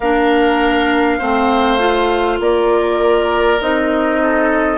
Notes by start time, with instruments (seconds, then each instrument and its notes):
0.00 bassoon A#3, clarinet D4, oboe A#4, flute F5
1.18 bassoon A3, clarinet C4, oboe C5
1.78 clarinet F4
2.39 bassoon A#3, oboe A#4, flute D5
3.60 bassoon C4, clarinet D#4, flute D#5
4.22 oboe A4